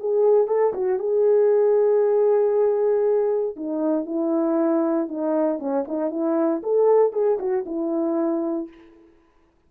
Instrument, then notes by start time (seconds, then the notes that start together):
horn
0.00 G#4
0.48 A4
0.74 F#4
1.00 G#4
3.56 D#4
4.06 E4
5.08 D#4
5.59 C#4
5.88 D#4
6.11 E4
6.64 A4
7.13 G#4
7.39 F#4
7.66 E4